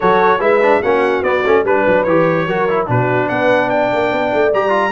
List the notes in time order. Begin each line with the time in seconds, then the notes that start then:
0.00 F#3 F#4 A4 C#5
0.39 G#3 E4 B4 E5
0.62 D4
0.82 A#3 C#4 F#4 F#5
1.22 B3 D5
1.45 A3 C#4
1.63 G3 D4 B4
1.86 F#3
2.03 E3 G4 C#5
2.46 F#3 F#4 A#4
2.69 E4
2.86 B2 D4 F#4 B4
3.29 B3 B4 F#5
3.69 D5 G5
3.93 A#3
4.12 B3
4.33 A3
4.53 G3 G4 A#5
4.69 F4